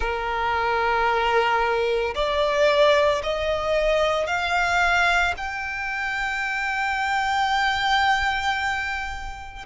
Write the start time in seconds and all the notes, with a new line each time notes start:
0.00 A#4
2.14 D5
3.23 D#5
4.26 F5
5.37 G5